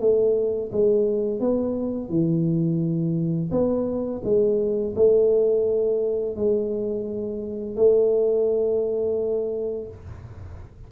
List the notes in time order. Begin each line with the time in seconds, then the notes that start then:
0.00 A3
0.72 G#3
1.40 B3
2.09 E3
3.51 B3
4.24 G#3
4.95 A3
6.36 G#3
7.76 A3